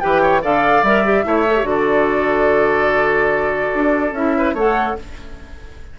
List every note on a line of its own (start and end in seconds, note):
0.00 0.44 E3
0.00 0.42 G4
0.00 0.22 B4
0.00 0.41 G5
0.22 0.42 C#5
0.42 0.82 D3
0.42 0.83 A4
0.42 1.25 D5
0.42 0.84 F5
0.82 1.24 G3
0.82 1.04 A#4
0.82 1.67 E5
1.04 1.24 G4
1.24 1.62 A3
1.24 1.45 E4
1.24 1.69 C#5
1.47 1.57 A4
1.57 3.69 D3
1.57 1.64 G4
1.64 4.12 F#4
1.64 4.14 D5
1.70 4.38 A4
3.75 4.12 D4
4.12 4.53 C#4
4.12 4.57 E4
4.12 4.56 E5
4.38 4.54 B4
4.54 4.95 A3
4.54 4.99 A4
4.54 4.96 C#5
4.54 4.99 F#5